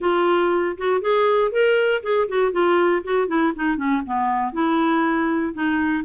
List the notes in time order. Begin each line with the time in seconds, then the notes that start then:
0.00 F4
0.77 F#4
1.01 G#4
1.51 A#4
2.02 G#4
2.28 F#4
2.51 F4
3.03 F#4
3.27 E4
3.55 D#4
3.76 C#4
4.05 B3
4.52 E4
5.53 D#4